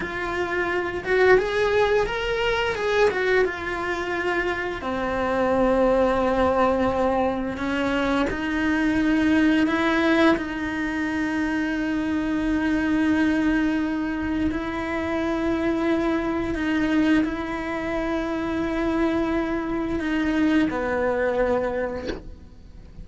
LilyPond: \new Staff \with { instrumentName = "cello" } { \time 4/4 \tempo 4 = 87 f'4. fis'8 gis'4 ais'4 | gis'8 fis'8 f'2 c'4~ | c'2. cis'4 | dis'2 e'4 dis'4~ |
dis'1~ | dis'4 e'2. | dis'4 e'2.~ | e'4 dis'4 b2 | }